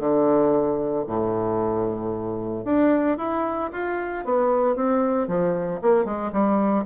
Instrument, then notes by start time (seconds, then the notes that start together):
bassoon
0.00 D3
1.07 A2
2.65 D4
3.18 E4
3.72 F4
4.25 B3
4.76 C4
5.28 F3
5.82 A#3
6.05 G#3
6.33 G3